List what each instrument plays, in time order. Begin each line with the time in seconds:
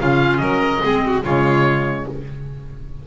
0.00 double bass C#3, clarinet C#4, violin F4, oboe F5
0.37 double bass F#3, violin A#4, oboe D#5
0.81 double bass G#3, clarinet C4, violin G#4
1.05 violin F#4
1.24 double bass C#3, clarinet G#3, violin F4, oboe C#5